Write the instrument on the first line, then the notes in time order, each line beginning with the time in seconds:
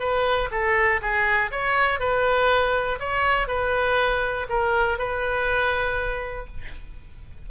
oboe
0.00 B4
0.52 A4
1.02 G#4
1.51 C#5
2.00 B4
3.00 C#5
3.48 B4
4.50 A#4
4.99 B4